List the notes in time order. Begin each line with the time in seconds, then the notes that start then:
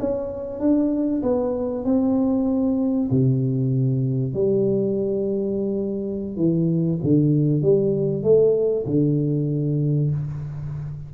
0.00 C#4
0.60 D4
1.23 B3
1.85 C4
3.11 C3
4.34 G3
6.37 E3
7.03 D3
7.62 G3
8.23 A3
8.86 D3